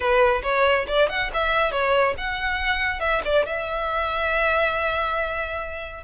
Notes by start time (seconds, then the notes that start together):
0.00 B4
0.42 C#5
0.87 D5
1.09 F#5
1.33 E5
1.71 C#5
2.17 F#5
3.00 E5
3.24 D5
3.46 E5